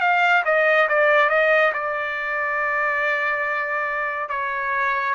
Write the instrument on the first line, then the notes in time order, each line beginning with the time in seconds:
trumpet
0.00 F5
0.45 D#5
0.88 D5
1.29 D#5
1.73 D5
4.29 C#5